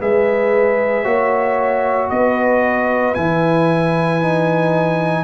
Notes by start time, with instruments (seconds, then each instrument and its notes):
0.00 tuba G#3, trombone G#4, horn B4, trumpet E5
1.04 tuba A#3, trombone F#4, horn C#5
2.10 tuba B3, horn B4, trumpet D#5
3.15 tuba E3, trombone E4, trumpet G#5
4.22 trombone D#4